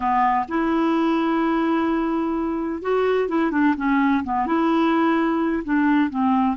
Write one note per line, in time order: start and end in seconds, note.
0.00 0.46 B3
0.48 2.81 E4
2.81 3.28 F#4
3.28 3.51 E4
3.51 3.74 D4
3.76 4.23 C#4
4.23 4.46 B3
4.46 5.63 E4
5.64 6.10 D4
6.10 6.56 C4